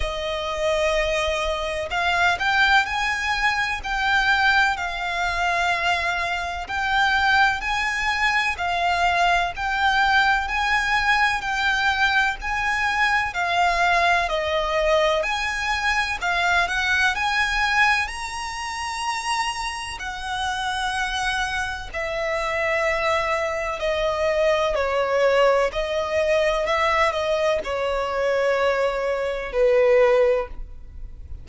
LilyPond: \new Staff \with { instrumentName = "violin" } { \time 4/4 \tempo 4 = 63 dis''2 f''8 g''8 gis''4 | g''4 f''2 g''4 | gis''4 f''4 g''4 gis''4 | g''4 gis''4 f''4 dis''4 |
gis''4 f''8 fis''8 gis''4 ais''4~ | ais''4 fis''2 e''4~ | e''4 dis''4 cis''4 dis''4 | e''8 dis''8 cis''2 b'4 | }